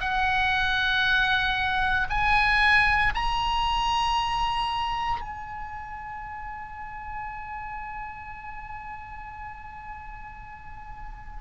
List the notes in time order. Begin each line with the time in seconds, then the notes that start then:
0.00 F#5
2.10 G#5
3.15 A#5
5.21 G#5